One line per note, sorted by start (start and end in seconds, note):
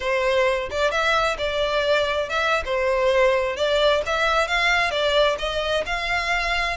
0.00 0.69 C5
0.70 0.91 D5
0.91 1.37 E5
1.38 2.29 D5
2.29 2.63 E5
2.65 3.56 C5
3.56 4.02 D5
4.06 4.47 E5
4.47 4.90 F5
4.90 5.36 D5
5.38 5.84 D#5
5.85 6.77 F5